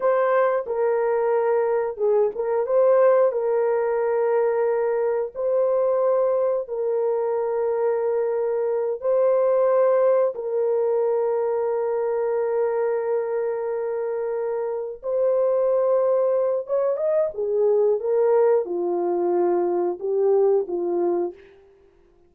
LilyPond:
\new Staff \with { instrumentName = "horn" } { \time 4/4 \tempo 4 = 90 c''4 ais'2 gis'8 ais'8 | c''4 ais'2. | c''2 ais'2~ | ais'4. c''2 ais'8~ |
ais'1~ | ais'2~ ais'8 c''4.~ | c''4 cis''8 dis''8 gis'4 ais'4 | f'2 g'4 f'4 | }